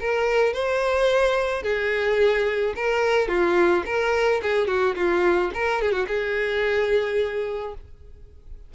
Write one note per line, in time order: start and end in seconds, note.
0.00 0.53 A#4
0.53 1.63 C5
1.63 2.74 G#4
2.76 3.28 A#4
3.28 3.84 F4
3.86 4.41 A#4
4.42 4.67 G#4
4.67 4.95 F#4
4.95 5.51 F4
5.54 5.81 A#4
5.81 5.92 G#4
5.92 6.06 F#4
6.07 7.74 G#4